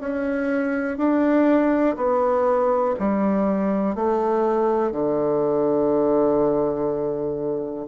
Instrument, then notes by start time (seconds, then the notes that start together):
bassoon
0.00 C#4
0.98 D4
1.97 B3
3.00 G3
3.95 A3
4.92 D3